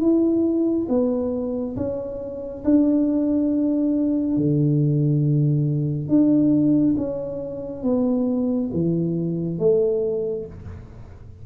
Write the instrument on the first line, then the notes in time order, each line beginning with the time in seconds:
tuba
0.00 E4
0.89 B3
1.76 C#4
2.64 D4
4.36 D3
6.08 D4
6.97 C#4
7.83 B3
8.73 E3
9.58 A3